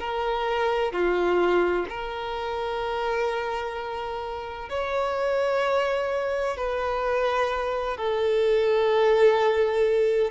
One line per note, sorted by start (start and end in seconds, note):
0.00 0.93 A#4
0.93 1.87 F4
1.90 4.70 A#4
4.70 6.57 C#5
6.58 7.98 B4
7.98 10.32 A4